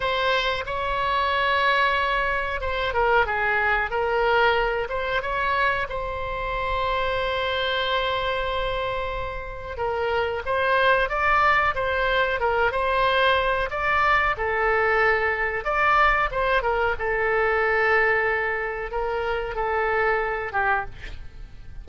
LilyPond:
\new Staff \with { instrumentName = "oboe" } { \time 4/4 \tempo 4 = 92 c''4 cis''2. | c''8 ais'8 gis'4 ais'4. c''8 | cis''4 c''2.~ | c''2. ais'4 |
c''4 d''4 c''4 ais'8 c''8~ | c''4 d''4 a'2 | d''4 c''8 ais'8 a'2~ | a'4 ais'4 a'4. g'8 | }